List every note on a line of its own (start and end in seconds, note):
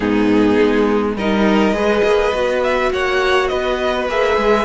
0.00 0.58 G#2
0.00 1.16 B3
0.00 1.16 D#4
0.00 1.15 G#4
0.60 1.15 G#3
1.15 1.72 G3
1.15 1.74 D#4
1.15 1.75 A#4
1.15 2.63 D#5
1.72 2.01 G#3
1.72 2.32 G#4
1.72 2.91 B4
2.03 2.32 A#3
2.33 2.91 B3
2.33 4.09 F#4
2.63 2.92 E5
2.92 3.50 A#3
2.92 3.50 C#5
2.92 3.47 F#5
3.47 4.08 B3
3.47 4.65 B4
3.47 4.06 D#5
4.08 4.37 A#3
4.08 4.65 G#4
4.08 4.65 E5
4.37 4.65 G#3